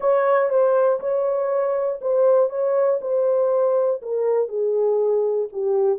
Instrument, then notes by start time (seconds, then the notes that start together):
horn
0.00 C#5
0.49 C5
1.00 C#5
2.01 C5
2.49 C#5
3.01 C5
4.01 A#4
4.48 G#4
5.52 G4